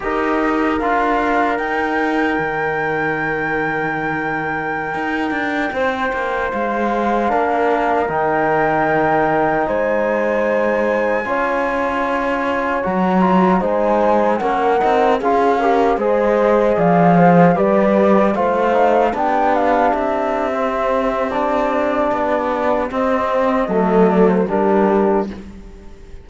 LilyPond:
<<
  \new Staff \with { instrumentName = "flute" } { \time 4/4 \tempo 4 = 76 dis''4 f''4 g''2~ | g''1~ | g''16 f''2 g''4.~ g''16~ | g''16 gis''2.~ gis''8.~ |
gis''16 ais''4 gis''4 fis''4 f''8.~ | f''16 dis''4 f''4 d''4 f''8.~ | f''16 g''8 f''8 e''4.~ e''16 d''4~ | d''4 dis''4. d''16 c''16 ais'4 | }
  \new Staff \with { instrumentName = "horn" } { \time 4/4 ais'1~ | ais'2.~ ais'16 c''8.~ | c''4~ c''16 ais'2~ ais'8.~ | ais'16 c''2 cis''4.~ cis''16~ |
cis''4~ cis''16 c''4 ais'4 gis'8 ais'16~ | ais'16 c''4 d''8 c''8 b'4 c''8.~ | c''16 g'2.~ g'8.~ | g'2 a'4 g'4 | }
  \new Staff \with { instrumentName = "trombone" } { \time 4/4 g'4 f'4 dis'2~ | dis'1~ | dis'4~ dis'16 d'4 dis'4.~ dis'16~ | dis'2~ dis'16 f'4.~ f'16~ |
f'16 fis'8 f'8 dis'4 cis'8 dis'8 f'8 g'16~ | g'16 gis'2 g'4 f'8 dis'16~ | dis'16 d'4.~ d'16 c'4 d'4~ | d'4 c'4 a4 d'4 | }
  \new Staff \with { instrumentName = "cello" } { \time 4/4 dis'4 d'4 dis'4 dis4~ | dis2~ dis16 dis'8 d'8 c'8 ais16~ | ais16 gis4 ais4 dis4.~ dis16~ | dis16 gis2 cis'4.~ cis'16~ |
cis'16 fis4 gis4 ais8 c'8 cis'8.~ | cis'16 gis4 f4 g4 a8.~ | a16 b4 c'2~ c'8. | b4 c'4 fis4 g4 | }
>>